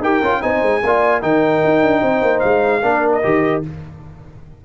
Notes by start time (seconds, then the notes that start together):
0.00 D#4 G4 A#4 G5
0.23 C#4 F4
0.42 C4 D#4 C5 G#5
0.62 G#3
0.83 A#3 F4 D5
1.22 D#3 D#4 A#4 G5
1.65 D#4
1.82 D4
2.02 C4 C5
2.22 A#3
2.40 G#3 F5
2.83 A#3 D4 A#4
3.13 D#5
3.23 D#3 G4